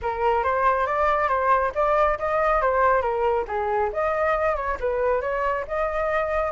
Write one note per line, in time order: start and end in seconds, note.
0.02 0.43 A#4
0.43 0.86 C5
0.86 1.28 D5
1.28 1.72 C5
1.75 2.18 D5
2.19 2.61 D#5
2.61 3.01 C5
3.01 3.45 A#4
3.47 3.91 G#4
3.92 4.55 D#5
4.55 4.77 C#5
4.80 5.21 B4
5.21 5.64 C#5
5.67 6.51 D#5